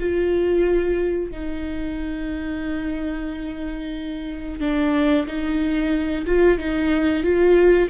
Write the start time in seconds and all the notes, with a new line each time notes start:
0.00 F4
1.32 D#4
4.61 D4
5.27 D#4
6.26 F4
6.59 D#4
7.23 F4